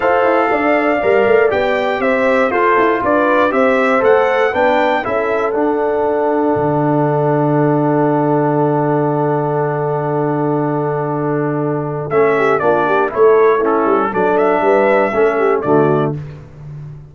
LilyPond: <<
  \new Staff \with { instrumentName = "trumpet" } { \time 4/4 \tempo 4 = 119 f''2. g''4 | e''4 c''4 d''4 e''4 | fis''4 g''4 e''4 fis''4~ | fis''1~ |
fis''1~ | fis''1 | e''4 d''4 cis''4 a'4 | d''8 e''2~ e''8 d''4 | }
  \new Staff \with { instrumentName = "horn" } { \time 4/4 c''4 d''2. | c''4 a'4 b'4 c''4~ | c''4 b'4 a'2~ | a'1~ |
a'1~ | a'1~ | a'8 g'8 f'8 g'8 a'4 e'4 | a'4 b'4 a'8 g'8 fis'4 | }
  \new Staff \with { instrumentName = "trombone" } { \time 4/4 a'2 ais'4 g'4~ | g'4 f'2 g'4 | a'4 d'4 e'4 d'4~ | d'1~ |
d'1~ | d'1 | cis'4 d'4 e'4 cis'4 | d'2 cis'4 a4 | }
  \new Staff \with { instrumentName = "tuba" } { \time 4/4 f'8 e'8 d'4 g8 a8 b4 | c'4 f'8 e'8 d'4 c'4 | a4 b4 cis'4 d'4~ | d'4 d2.~ |
d1~ | d1 | a4 ais4 a4. g8 | fis4 g4 a4 d4 | }
>>